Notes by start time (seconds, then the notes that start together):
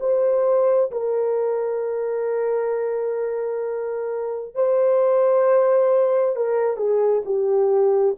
0.00 C5
0.91 A#4
4.55 C5
6.36 A#4
6.77 G#4
7.25 G4